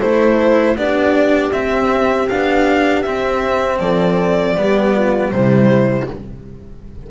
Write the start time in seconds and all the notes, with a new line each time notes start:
0.00 A3 E4 A4 C5
0.76 B3 D4 G4 D5
1.52 C4 E5
2.28 B3 D4 F5
3.03 C4 E5
3.79 F3 A4 D5
4.56 G3 B3 G4
4.95 F4
5.31 C3 G3 E4 C5